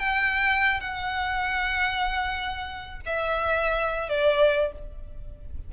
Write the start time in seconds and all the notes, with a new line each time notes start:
0.00 G5
0.81 F#5
3.06 E5
4.09 D5